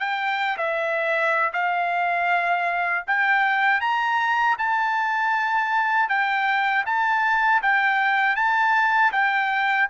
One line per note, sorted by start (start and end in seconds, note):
0.00 0.57 G5
0.58 1.53 E5
1.53 3.05 F5
3.07 3.81 G5
3.81 4.57 A#5
4.58 6.09 A5
6.09 6.85 G5
6.86 7.62 A5
7.63 8.36 G5
8.36 9.12 A5
9.12 9.88 G5